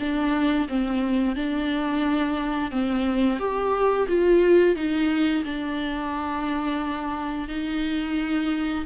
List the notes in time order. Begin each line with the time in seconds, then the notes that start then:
0.00 D4
0.69 C4
1.36 D4
2.71 C4
3.39 G4
4.08 F4
4.76 D#4
5.45 D4
7.49 D#4